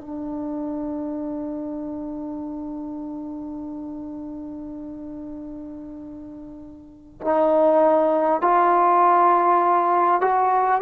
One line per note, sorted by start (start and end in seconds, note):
0.00 7.20 D4
7.21 8.41 D#4
8.41 10.21 F4
10.21 10.81 F#4